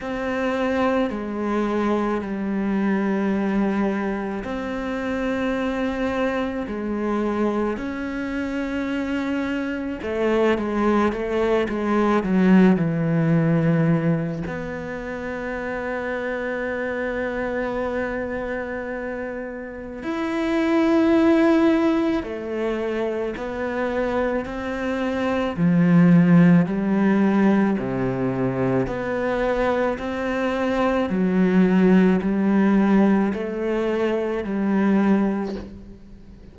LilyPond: \new Staff \with { instrumentName = "cello" } { \time 4/4 \tempo 4 = 54 c'4 gis4 g2 | c'2 gis4 cis'4~ | cis'4 a8 gis8 a8 gis8 fis8 e8~ | e4 b2.~ |
b2 e'2 | a4 b4 c'4 f4 | g4 c4 b4 c'4 | fis4 g4 a4 g4 | }